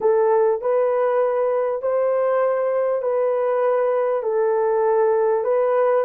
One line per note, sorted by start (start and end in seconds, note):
0.00 0.61 A4
0.61 1.82 B4
1.82 3.02 C5
3.02 4.22 B4
4.22 5.44 A4
5.44 6.04 B4